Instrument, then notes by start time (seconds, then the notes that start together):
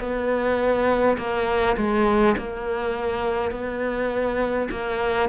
cello
0.00 B3
1.18 A#3
1.77 G#3
2.38 A#3
3.51 B3
4.71 A#3